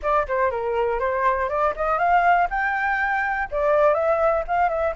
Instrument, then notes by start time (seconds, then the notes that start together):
flute
0.02 D5
0.27 C5
0.50 A#4
0.99 C5
1.49 D5
1.76 D#5
1.98 F5
2.50 G5
3.51 D5
3.94 E5
4.47 F5
4.69 E5